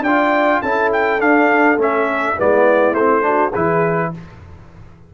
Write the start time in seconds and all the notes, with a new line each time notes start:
0.00 D4 F4 D5 G5
0.62 C#4 E4 A4 A5
0.92 G5
1.19 D4 F5
1.77 A3 C#4 E5
2.37 G#3 B3 E4 D5
2.92 A3 C5
2.98 C4
3.21 D4 F#4
3.51 E3 E4 G#4 B4